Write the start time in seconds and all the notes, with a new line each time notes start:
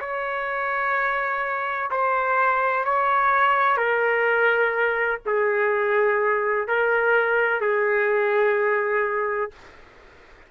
0.00 C#5
1.91 C5
2.85 C#5
3.77 A#4
5.26 G#4
6.68 A#4
7.61 G#4